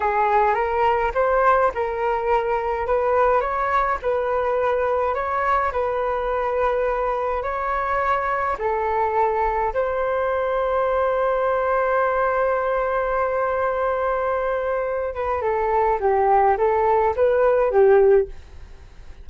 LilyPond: \new Staff \with { instrumentName = "flute" } { \time 4/4 \tempo 4 = 105 gis'4 ais'4 c''4 ais'4~ | ais'4 b'4 cis''4 b'4~ | b'4 cis''4 b'2~ | b'4 cis''2 a'4~ |
a'4 c''2.~ | c''1~ | c''2~ c''8 b'8 a'4 | g'4 a'4 b'4 g'4 | }